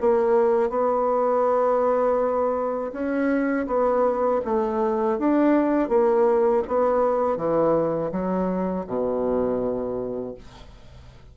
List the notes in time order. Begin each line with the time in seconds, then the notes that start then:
0.00 A#3
0.70 B3
2.92 C#4
3.67 B3
4.45 A3
5.18 D4
5.89 A#3
6.68 B3
7.37 E3
8.11 F#3
8.87 B2